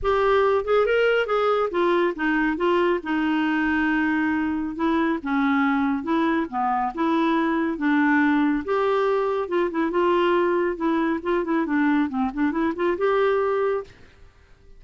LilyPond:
\new Staff \with { instrumentName = "clarinet" } { \time 4/4 \tempo 4 = 139 g'4. gis'8 ais'4 gis'4 | f'4 dis'4 f'4 dis'4~ | dis'2. e'4 | cis'2 e'4 b4 |
e'2 d'2 | g'2 f'8 e'8 f'4~ | f'4 e'4 f'8 e'8 d'4 | c'8 d'8 e'8 f'8 g'2 | }